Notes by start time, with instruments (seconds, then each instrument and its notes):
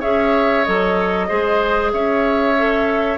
0.00 bassoon C#4, clarinet G#4, oboe C#5, flute E5
0.64 bassoon F#3, clarinet A4, flute D#5
1.28 bassoon G#3, clarinet G#4, oboe C5
1.93 bassoon C#4, oboe C#5, flute E5
2.58 clarinet A4